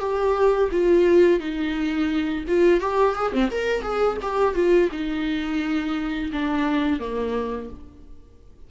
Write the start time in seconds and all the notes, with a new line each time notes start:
0.00 G4
0.72 F4
1.40 D#4
2.48 F4
2.81 G4
3.16 G#4
3.33 C4
3.52 A#4
3.83 G#4
4.22 G4
4.55 F4
4.92 D#4
6.33 D4
7.00 A#3